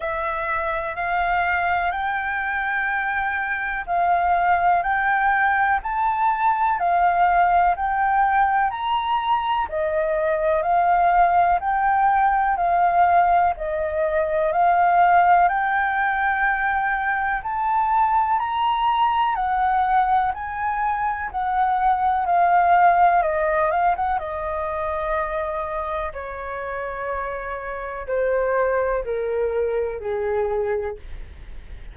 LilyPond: \new Staff \with { instrumentName = "flute" } { \time 4/4 \tempo 4 = 62 e''4 f''4 g''2 | f''4 g''4 a''4 f''4 | g''4 ais''4 dis''4 f''4 | g''4 f''4 dis''4 f''4 |
g''2 a''4 ais''4 | fis''4 gis''4 fis''4 f''4 | dis''8 f''16 fis''16 dis''2 cis''4~ | cis''4 c''4 ais'4 gis'4 | }